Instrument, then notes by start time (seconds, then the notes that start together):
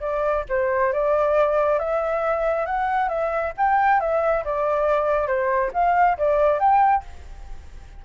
flute
0.00 D5
0.49 C5
0.92 D5
1.79 E5
2.65 F#5
3.08 E5
3.57 G5
4.00 E5
4.44 D5
5.27 C5
5.73 F5
6.18 D5
6.59 G5